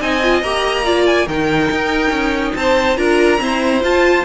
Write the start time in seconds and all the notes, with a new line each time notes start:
0.00 C4 D#4 D#5 G#5
0.22 F4
0.42 A#3 G4 A#5
0.84 F4 D5
1.06 G#5
1.26 D#3 D#4 A#4 G5
1.70 D#4
2.10 C#4
2.55 C4 C5 A5
2.96 D4 F4 A#4 A#5
3.38 C4 E4 C5
3.81 F4 A5